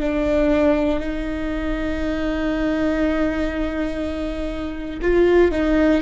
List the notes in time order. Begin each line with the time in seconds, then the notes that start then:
0.00 D4
1.00 D#4
5.01 F4
5.51 D#4